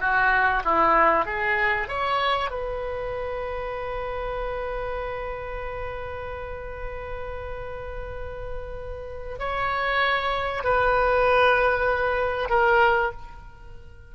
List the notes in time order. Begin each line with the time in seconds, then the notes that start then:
0.00 F#4
0.64 E4
1.25 G#4
1.88 C#5
2.50 B4
9.39 C#5
10.63 B4
12.49 A#4